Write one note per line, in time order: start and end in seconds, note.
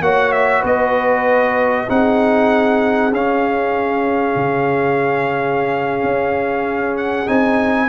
0.00 0.62 A#3
0.00 1.88 F#4
0.00 0.60 C#5
0.00 0.32 F#5
0.32 0.62 E5
0.60 1.87 B3
0.60 1.84 B4
0.60 1.89 D#5
1.88 3.12 C4
1.88 3.11 D#4
1.88 7.88 G#4
1.88 3.13 F#5
3.12 4.35 C#4
3.12 7.26 C#4
3.12 6.97 F5
4.35 6.03 C#3
6.03 7.27 C#4
6.97 7.28 F#5
7.26 7.88 C4
7.26 7.88 D#4
7.26 7.88 G#5